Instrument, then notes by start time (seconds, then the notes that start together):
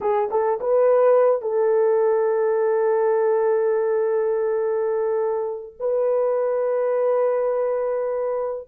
horn
0.00 G#4
0.30 A4
0.60 B4
1.41 A4
5.79 B4